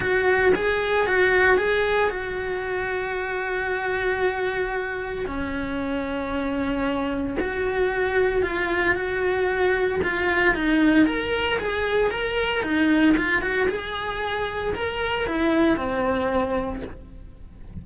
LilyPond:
\new Staff \with { instrumentName = "cello" } { \time 4/4 \tempo 4 = 114 fis'4 gis'4 fis'4 gis'4 | fis'1~ | fis'2 cis'2~ | cis'2 fis'2 |
f'4 fis'2 f'4 | dis'4 ais'4 gis'4 ais'4 | dis'4 f'8 fis'8 gis'2 | ais'4 e'4 c'2 | }